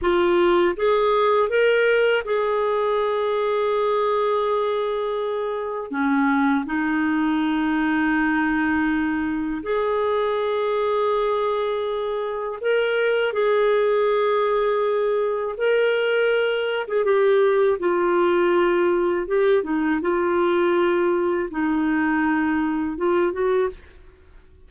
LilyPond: \new Staff \with { instrumentName = "clarinet" } { \time 4/4 \tempo 4 = 81 f'4 gis'4 ais'4 gis'4~ | gis'1 | cis'4 dis'2.~ | dis'4 gis'2.~ |
gis'4 ais'4 gis'2~ | gis'4 ais'4.~ ais'16 gis'16 g'4 | f'2 g'8 dis'8 f'4~ | f'4 dis'2 f'8 fis'8 | }